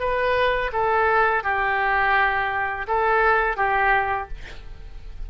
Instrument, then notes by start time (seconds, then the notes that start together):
oboe
0.00 B4
0.73 A4
1.44 G4
2.88 A4
3.57 G4